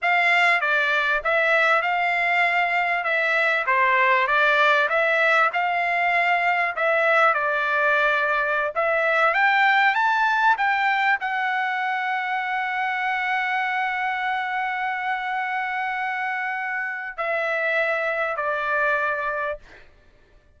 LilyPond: \new Staff \with { instrumentName = "trumpet" } { \time 4/4 \tempo 4 = 98 f''4 d''4 e''4 f''4~ | f''4 e''4 c''4 d''4 | e''4 f''2 e''4 | d''2~ d''16 e''4 g''8.~ |
g''16 a''4 g''4 fis''4.~ fis''16~ | fis''1~ | fis''1 | e''2 d''2 | }